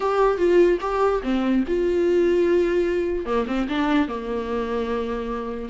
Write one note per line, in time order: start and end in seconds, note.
0.00 0.37 G4
0.37 0.78 F4
0.81 1.21 G4
1.23 1.64 C4
1.67 3.25 F4
3.25 3.46 A#3
3.47 3.67 C4
3.68 4.08 D4
4.08 5.69 A#3